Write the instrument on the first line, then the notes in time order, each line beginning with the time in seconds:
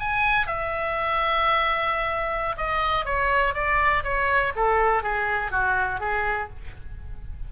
oboe
0.00 G#5
0.47 E5
2.57 D#5
3.06 C#5
3.54 D5
4.04 C#5
4.56 A4
5.03 G#4
5.51 F#4
6.00 G#4